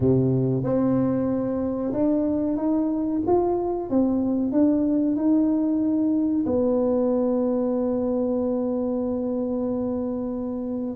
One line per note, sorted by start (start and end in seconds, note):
0.00 0.63 C3
0.63 1.92 C4
1.93 2.57 D4
2.57 3.21 D#4
3.26 3.89 F4
3.89 4.52 C4
4.52 5.16 D4
5.16 6.45 D#4
6.46 10.96 B3